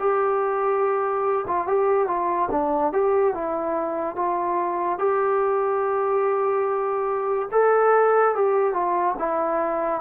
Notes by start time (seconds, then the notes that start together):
0.00 G4
1.48 F4
1.67 G4
2.08 F4
2.51 D4
2.93 G4
3.34 E4
4.16 F4
4.99 G4
7.52 A4
8.35 G4
8.74 F4
9.19 E4